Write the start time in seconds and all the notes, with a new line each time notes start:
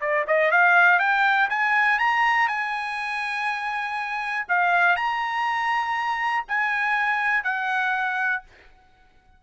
0.00 D5
0.27 D#5
0.51 F5
0.99 G5
1.49 G#5
1.99 A#5
2.48 G#5
4.48 F5
4.96 A#5
6.47 G#5
7.43 F#5